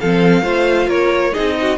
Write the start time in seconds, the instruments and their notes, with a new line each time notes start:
0.00 cello F3, viola C4, violin A4 F5
0.42 cello A3, viola F4, violin C5
0.87 cello A#3, violin A#4 C#5
1.32 cello C4, viola D#4, violin G#4 D#5
1.61 violin F#4